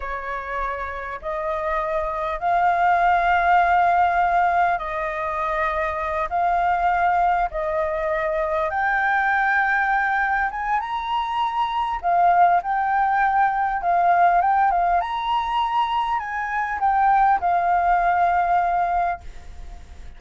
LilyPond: \new Staff \with { instrumentName = "flute" } { \time 4/4 \tempo 4 = 100 cis''2 dis''2 | f''1 | dis''2~ dis''8 f''4.~ | f''8 dis''2 g''4.~ |
g''4. gis''8 ais''2 | f''4 g''2 f''4 | g''8 f''8 ais''2 gis''4 | g''4 f''2. | }